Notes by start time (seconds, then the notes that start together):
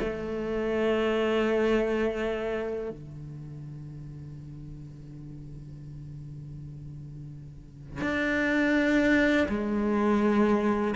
0.00 A3
2.90 D3
8.01 D4
9.48 G#3